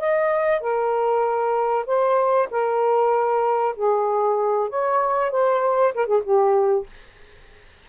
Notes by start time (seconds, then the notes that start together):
0.00 D#5
0.61 A#4
1.86 C5
2.51 A#4
3.76 G#4
4.70 C#5
5.31 C5
5.95 A#4
6.07 G#4
6.24 G4